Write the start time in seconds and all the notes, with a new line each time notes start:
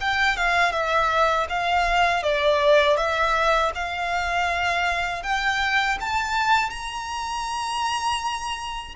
0.00 G5
0.36 F5
0.72 E5
1.49 F5
2.22 D5
2.96 E5
3.74 F5
5.23 G5
6.00 A5
6.70 A#5